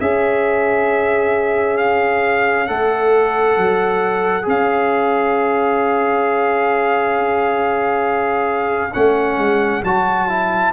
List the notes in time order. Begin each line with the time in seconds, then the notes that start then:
0.00 C#4 G#4 C#5 E5
1.78 F5
2.67 A3 A4 F#5
3.57 F#3
4.42 C#4 G#4
4.49 F5
8.94 A3 C#4 F#5
9.38 G#3
9.83 F#3 F#4 A5
10.29 E4